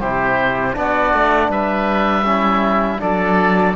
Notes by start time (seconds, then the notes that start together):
0.00 C3 E4 G4 C5
0.74 B3 D4 F#4 D5
1.14 A3
1.49 G3 B4 E5
2.25 C#4 E4
2.99 F#3 D4 A4 D5